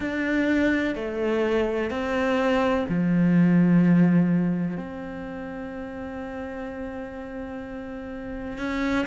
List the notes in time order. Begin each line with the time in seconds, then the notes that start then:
0.00 D4
0.95 A3
1.90 C4
2.88 F3
4.77 C4
8.58 C#4